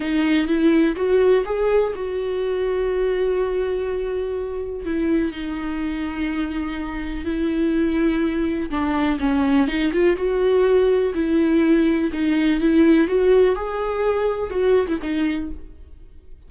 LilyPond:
\new Staff \with { instrumentName = "viola" } { \time 4/4 \tempo 4 = 124 dis'4 e'4 fis'4 gis'4 | fis'1~ | fis'2 e'4 dis'4~ | dis'2. e'4~ |
e'2 d'4 cis'4 | dis'8 f'8 fis'2 e'4~ | e'4 dis'4 e'4 fis'4 | gis'2 fis'8. e'16 dis'4 | }